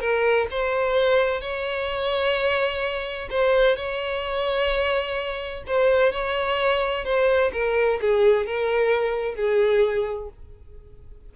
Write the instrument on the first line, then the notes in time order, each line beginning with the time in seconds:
violin
0.00 A#4
0.50 C5
1.41 C#5
3.30 C5
3.76 C#5
5.67 C5
6.12 C#5
7.05 C5
7.53 A#4
8.01 G#4
8.46 A#4
9.35 G#4